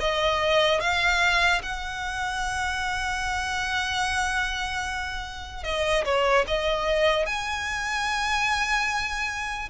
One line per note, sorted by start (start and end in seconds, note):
0.00 0.80 D#5
0.80 1.61 F5
1.62 5.63 F#5
5.63 6.04 D#5
6.04 6.45 C#5
6.47 7.25 D#5
7.25 9.69 G#5